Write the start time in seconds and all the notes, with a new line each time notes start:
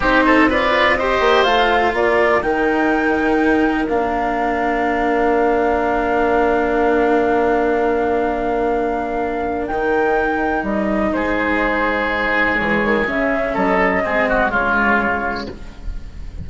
0.00 C4 D#4 G4 C5
0.25 A4
0.49 F4 B4 D5
0.95 G4 C5 D#5
1.20 A#3
1.43 A3 F4 F5
1.93 A#3 A#4 D5
2.41 D#3 D#4 G5
3.88 A#3 D4 F5
9.66 D#3 D#4 G5
10.62 G3 D#5
11.12 G#3 G#4 C5
12.55 E3 G#3 C#5
12.84 D#3
13.06 C#3 C#4 E5
13.53 F#3 A4 D#5
14.03 G#3 C4 G#4
14.29 F#4
14.50 C#3 G#3 F4 C#5